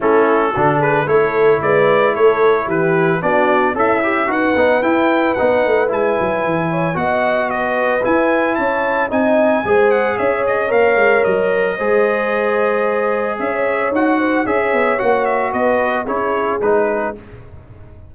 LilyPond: <<
  \new Staff \with { instrumentName = "trumpet" } { \time 4/4 \tempo 4 = 112 a'4. b'8 cis''4 d''4 | cis''4 b'4 d''4 e''4 | fis''4 g''4 fis''4 gis''4~ | gis''4 fis''4 dis''4 gis''4 |
a''4 gis''4. fis''8 e''8 dis''8 | f''4 dis''2.~ | dis''4 e''4 fis''4 e''4 | fis''8 e''8 dis''4 cis''4 b'4 | }
  \new Staff \with { instrumentName = "horn" } { \time 4/4 e'4 fis'8 gis'8 a'4 b'4 | a'4 g'4 fis'4 e'4 | b'1~ | b'8 cis''8 dis''4 b'2 |
cis''4 dis''4 c''4 cis''4~ | cis''2 c''2~ | c''4 cis''4. c''8 cis''4~ | cis''4 b'4 gis'2 | }
  \new Staff \with { instrumentName = "trombone" } { \time 4/4 cis'4 d'4 e'2~ | e'2 d'4 a'8 g'8 | fis'8 dis'8 e'4 dis'4 e'4~ | e'4 fis'2 e'4~ |
e'4 dis'4 gis'2 | ais'2 gis'2~ | gis'2 fis'4 gis'4 | fis'2 e'4 dis'4 | }
  \new Staff \with { instrumentName = "tuba" } { \time 4/4 a4 d4 a4 gis4 | a4 e4 b4 cis'4 | dis'8 b8 e'4 b8 a8 gis8 fis8 | e4 b2 e'4 |
cis'4 c'4 gis4 cis'4 | ais8 gis8 fis4 gis2~ | gis4 cis'4 dis'4 cis'8 b8 | ais4 b4 cis'4 gis4 | }
>>